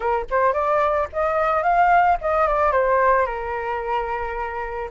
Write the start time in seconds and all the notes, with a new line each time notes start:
0.00 A#4
0.30 C5
0.53 D5
1.13 D#5
1.62 F5
2.21 D#5
2.47 D5
2.72 C5
3.26 A#4